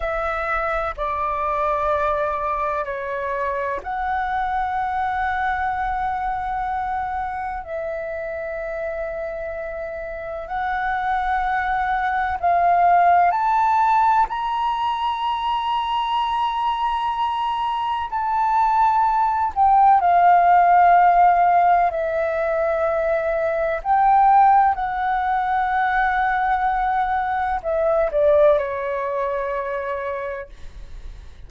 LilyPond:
\new Staff \with { instrumentName = "flute" } { \time 4/4 \tempo 4 = 63 e''4 d''2 cis''4 | fis''1 | e''2. fis''4~ | fis''4 f''4 a''4 ais''4~ |
ais''2. a''4~ | a''8 g''8 f''2 e''4~ | e''4 g''4 fis''2~ | fis''4 e''8 d''8 cis''2 | }